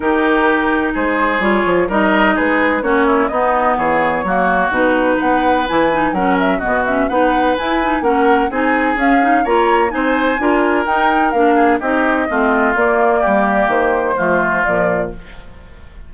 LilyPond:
<<
  \new Staff \with { instrumentName = "flute" } { \time 4/4 \tempo 4 = 127 ais'2 c''4 cis''4 | dis''4 b'4 cis''4 dis''4 | cis''2 b'4 fis''4 | gis''4 fis''8 e''8 dis''8 e''8 fis''4 |
gis''4 fis''4 gis''4 f''4 | ais''4 gis''2 g''4 | f''4 dis''2 d''4~ | d''4 c''2 d''4 | }
  \new Staff \with { instrumentName = "oboe" } { \time 4/4 g'2 gis'2 | ais'4 gis'4 fis'8 e'8 dis'4 | gis'4 fis'2 b'4~ | b'4 ais'4 fis'4 b'4~ |
b'4 ais'4 gis'2 | cis''4 c''4 ais'2~ | ais'8 gis'8 g'4 f'2 | g'2 f'2 | }
  \new Staff \with { instrumentName = "clarinet" } { \time 4/4 dis'2. f'4 | dis'2 cis'4 b4~ | b4 ais4 dis'2 | e'8 dis'8 cis'4 b8 cis'8 dis'4 |
e'8 dis'8 cis'4 dis'4 cis'8 dis'8 | f'4 dis'4 f'4 dis'4 | d'4 dis'4 c'4 ais4~ | ais2 a4 f4 | }
  \new Staff \with { instrumentName = "bassoon" } { \time 4/4 dis2 gis4 g8 f8 | g4 gis4 ais4 b4 | e4 fis4 b,4 b4 | e4 fis4 b,4 b4 |
e'4 ais4 c'4 cis'4 | ais4 c'4 d'4 dis'4 | ais4 c'4 a4 ais4 | g4 dis4 f4 ais,4 | }
>>